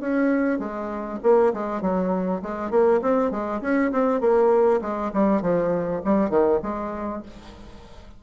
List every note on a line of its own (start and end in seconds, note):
0.00 0.59 C#4
0.59 1.19 G#3
1.23 1.53 A#3
1.53 1.81 G#3
1.81 2.41 F#3
2.42 2.71 G#3
2.71 3.01 A#3
3.02 3.31 C4
3.31 3.61 G#3
3.61 3.91 C#4
3.92 4.21 C4
4.21 4.81 A#3
4.81 5.11 G#3
5.13 5.42 G3
5.42 6.02 F3
6.05 6.30 G3
6.30 6.60 D#3
6.63 7.23 G#3